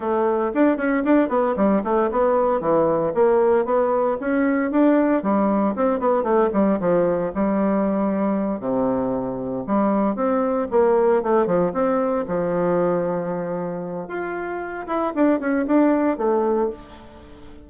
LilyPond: \new Staff \with { instrumentName = "bassoon" } { \time 4/4 \tempo 4 = 115 a4 d'8 cis'8 d'8 b8 g8 a8 | b4 e4 ais4 b4 | cis'4 d'4 g4 c'8 b8 | a8 g8 f4 g2~ |
g8 c2 g4 c'8~ | c'8 ais4 a8 f8 c'4 f8~ | f2. f'4~ | f'8 e'8 d'8 cis'8 d'4 a4 | }